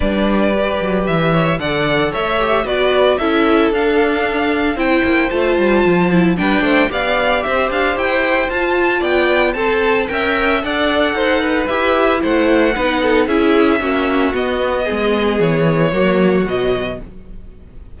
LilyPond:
<<
  \new Staff \with { instrumentName = "violin" } { \time 4/4 \tempo 4 = 113 d''2 e''4 fis''4 | e''4 d''4 e''4 f''4~ | f''4 g''4 a''2 | g''4 f''4 e''8 f''8 g''4 |
a''4 g''4 a''4 g''4 | fis''2 e''4 fis''4~ | fis''4 e''2 dis''4~ | dis''4 cis''2 dis''4 | }
  \new Staff \with { instrumentName = "violin" } { \time 4/4 b'2~ b'8 cis''8 d''4 | cis''4 b'4 a'2~ | a'4 c''2. | b'8 c''8 d''4 c''2~ |
c''4 d''4 a'4 e''4 | d''4 c''8 b'4. c''4 | b'8 a'8 gis'4 fis'2 | gis'2 fis'2 | }
  \new Staff \with { instrumentName = "viola" } { \time 4/4 d'4 g'2 a'4~ | a'8 g'8 fis'4 e'4 d'4~ | d'4 e'4 f'4. e'8 | d'4 g'2. |
f'2 c''4 ais'4 | a'2 g'4 e'4 | dis'4 e'4 cis'4 b4~ | b2 ais4 fis4 | }
  \new Staff \with { instrumentName = "cello" } { \time 4/4 g4. fis8 e4 d4 | a4 b4 cis'4 d'4~ | d'4 c'8 ais8 a8 g8 f4 | g8 a8 b4 c'8 d'8 e'4 |
f'4 b4 c'4 cis'4 | d'4 dis'4 e'4 a4 | b4 cis'4 ais4 b4 | gis4 e4 fis4 b,4 | }
>>